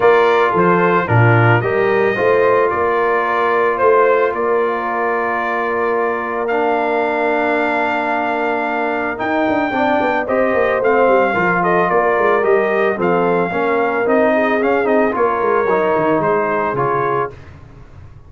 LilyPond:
<<
  \new Staff \with { instrumentName = "trumpet" } { \time 4/4 \tempo 4 = 111 d''4 c''4 ais'4 dis''4~ | dis''4 d''2 c''4 | d''1 | f''1~ |
f''4 g''2 dis''4 | f''4. dis''8 d''4 dis''4 | f''2 dis''4 f''8 dis''8 | cis''2 c''4 cis''4 | }
  \new Staff \with { instrumentName = "horn" } { \time 4/4 ais'4 a'4 f'4 ais'4 | c''4 ais'2 c''4 | ais'1~ | ais'1~ |
ais'2 d''4 c''4~ | c''4 ais'8 a'8 ais'2 | a'4 ais'4. gis'4. | ais'2 gis'2 | }
  \new Staff \with { instrumentName = "trombone" } { \time 4/4 f'2 d'4 g'4 | f'1~ | f'1 | d'1~ |
d'4 dis'4 d'4 g'4 | c'4 f'2 g'4 | c'4 cis'4 dis'4 cis'8 dis'8 | f'4 dis'2 f'4 | }
  \new Staff \with { instrumentName = "tuba" } { \time 4/4 ais4 f4 ais,4 g4 | a4 ais2 a4 | ais1~ | ais1~ |
ais4 dis'8 d'8 c'8 b8 c'8 ais8 | a8 g8 f4 ais8 gis8 g4 | f4 ais4 c'4 cis'8 c'8 | ais8 gis8 fis8 dis8 gis4 cis4 | }
>>